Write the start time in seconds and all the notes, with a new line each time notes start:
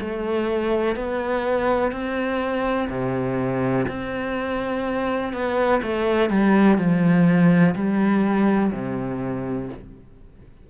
0.00 A3
0.96 B3
1.92 C4
2.89 C3
3.88 C4
5.33 B3
5.83 A3
6.30 G3
6.78 F3
7.75 G3
8.72 C3